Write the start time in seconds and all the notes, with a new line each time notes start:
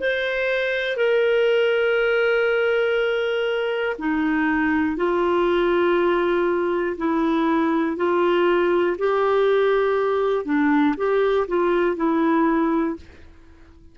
0.00 C5
0.97 A#4
3.99 D#4
4.97 F4
6.98 E4
7.97 F4
8.99 G4
10.45 D4
10.98 G4
11.48 F4
11.97 E4